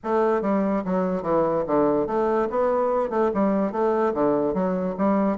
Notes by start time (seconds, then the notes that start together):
0.03 A3
0.41 G3
0.84 F#3
1.22 E3
1.66 D3
2.07 A3
2.50 B3
3.10 A3
3.33 G3
3.71 A3
4.14 D3
4.54 F#3
4.97 G3